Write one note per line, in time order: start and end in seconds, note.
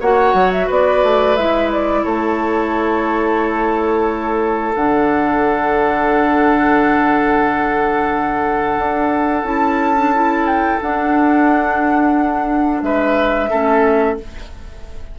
0.00 0.34 A#3
0.00 1.37 F#4
0.00 0.67 C#5
0.00 0.52 F#5
0.34 0.67 F#3
0.52 0.69 E5
0.67 1.03 B3
0.67 2.02 B4
0.67 1.36 D5
1.03 1.37 A3
1.36 2.04 G#3
1.36 4.75 E4
1.36 1.70 E5
1.72 2.04 D5
2.04 4.75 A3
2.04 12.83 A4
2.04 4.74 C#5
4.75 8.78 D3
4.75 9.45 D4
4.75 9.47 F#5
8.78 9.43 D4
9.43 10.78 C#4
9.43 9.96 E4
9.43 10.46 A5
9.96 10.13 D4
10.14 10.81 E4
10.46 10.80 G5
10.81 13.50 D4
10.81 12.82 D4
10.81 12.82 F#5
12.82 13.50 G#3
12.82 13.50 B4
12.82 14.17 E5
13.50 14.19 A3
13.50 14.18 C#4
13.50 14.17 A4